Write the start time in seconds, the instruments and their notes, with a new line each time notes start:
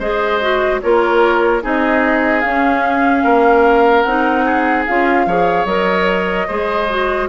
0.00 bassoon G#3, clarinet G#4, oboe C5, flute D#5
0.42 clarinet F#4
0.81 bassoon A#3, clarinet F4, oboe A#4, flute C#5
1.62 bassoon C4, clarinet D#4, oboe G#4, flute D#5
2.41 clarinet C#4, bassoon C#4, flute F5
3.24 bassoon A#3, oboe A#4
4.02 bassoon C4, clarinet D#4, flute F#5
4.45 oboe G#4
4.87 bassoon C#4, clarinet F4, flute F5
5.27 bassoon F3, clarinet G#4, oboe C#5
5.65 bassoon F#3, clarinet A#4, flute D#5
6.48 bassoon G#3, clarinet G#4, oboe C5
6.90 clarinet F#4